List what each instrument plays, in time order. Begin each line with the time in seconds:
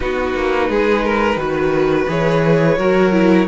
0.00 cello B3, viola D#4, violin F#4 B4
0.34 cello A#3
0.69 cello G#3, violin G#4
1.04 violin A#4
1.36 cello D#3, viola F#4, violin B4
2.08 cello E3, viola G#4, violin C#5
2.77 cello F#3, viola F#4, violin A#4
3.12 viola E4